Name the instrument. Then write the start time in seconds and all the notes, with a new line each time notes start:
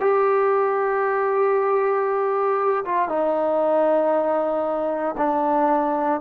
trombone
0.00 G4
2.85 F4
3.08 D#4
5.17 D4